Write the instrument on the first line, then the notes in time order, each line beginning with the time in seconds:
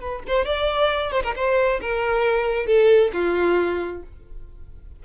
violin
0.00 B4
0.27 C5
0.45 D5
1.11 C5
1.23 A#4
1.35 C5
1.81 A#4
2.66 A4
3.13 F4